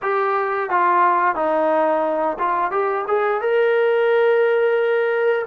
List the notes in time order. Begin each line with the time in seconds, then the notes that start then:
0.02 G4
0.70 F4
1.35 D#4
2.38 F4
2.71 G4
3.07 G#4
3.41 A#4